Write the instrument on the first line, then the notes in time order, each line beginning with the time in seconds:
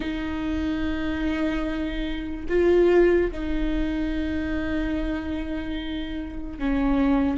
viola
0.00 D#4
2.48 F4
3.31 D#4
6.58 C#4